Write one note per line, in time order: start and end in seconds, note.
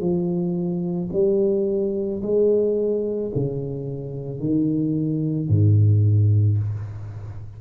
0.00 1.09 F3
1.13 2.22 G3
2.22 3.31 G#3
3.35 4.39 C#3
4.39 5.48 D#3
5.48 6.58 G#2